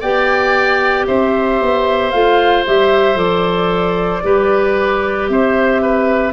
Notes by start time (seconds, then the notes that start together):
0.00 B3 G4 D5 G5
1.07 C4 C5 E5
1.61 B3
2.10 A3 F4 F5
2.66 G3 G4 E5
3.15 F3 A4 D5
4.23 G3 G4 B4
5.28 C4 C5 E5
5.82 B4